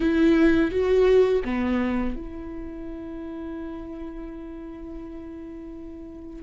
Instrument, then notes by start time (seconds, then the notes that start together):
viola
0.00 E4
0.71 F#4
1.44 B3
2.16 E4